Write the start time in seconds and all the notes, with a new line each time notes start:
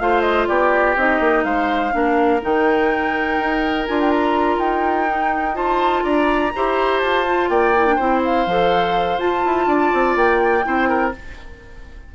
0.00 A3 F4 C5 F5
0.22 D#5
0.48 B3 G4 D5
0.96 C4 D#4 D#5
1.21 A#3
1.45 G#3 C5 F5
1.92 A#3 D4 A#4
2.42 D#3 D#4 G5
3.40 D#4
3.87 D4 F4 G#5
4.00 G5
4.11 A#5
4.59 D#4 G5
5.09 D#4
5.54 F4 C5 A5
6.04 D4 D5 A#5
6.56 E4 G4 C5
7.01 F4 A5
7.27 F4
7.50 A#3 D5 G5
7.77 E4
7.87 D4
7.96 C4 E4 C5
8.25 F5
8.47 F3 A4
9.19 F4 A5
9.46 E4
9.67 D4 D5
9.94 C4
10.16 A#3 G5
10.63 C4 E4 C5
10.89 A#4